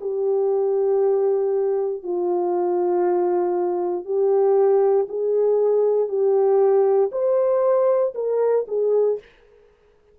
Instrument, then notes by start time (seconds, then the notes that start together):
horn
0.00 G4
2.02 F4
4.04 G4
5.08 G#4
6.08 G4
7.11 C5
8.14 A#4
8.68 G#4